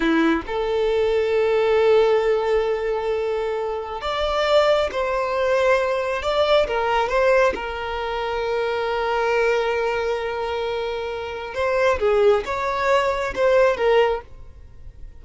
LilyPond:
\new Staff \with { instrumentName = "violin" } { \time 4/4 \tempo 4 = 135 e'4 a'2.~ | a'1~ | a'4 d''2 c''4~ | c''2 d''4 ais'4 |
c''4 ais'2.~ | ais'1~ | ais'2 c''4 gis'4 | cis''2 c''4 ais'4 | }